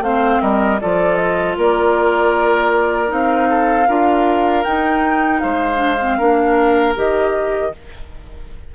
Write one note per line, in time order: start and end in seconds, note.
0.00 0.38 A3
0.00 0.79 C4
0.00 0.42 C5
0.00 0.41 F5
0.41 0.80 G3
0.41 0.80 A#4
0.41 0.80 D#5
0.80 1.57 F3
0.80 3.07 F4
0.80 1.57 A4
0.80 1.16 D5
1.16 1.54 D#5
1.57 3.11 A#3
1.57 3.49 A#4
1.57 3.12 D5
3.07 3.88 C4
3.07 3.84 D#4
3.07 4.64 F5
3.49 3.88 A4
3.88 4.65 D4
3.88 4.65 F4
3.88 5.42 A#4
4.64 5.76 D#4
4.64 5.42 D#4
4.64 5.40 G5
5.40 6.19 G#3
5.40 6.18 C5
5.40 6.94 F5
5.76 5.95 D4
6.00 6.20 C4
6.18 6.96 A#3
6.18 6.95 D4
6.18 7.72 A#4
6.95 7.73 D#3
6.95 7.72 G4
6.95 7.74 D#5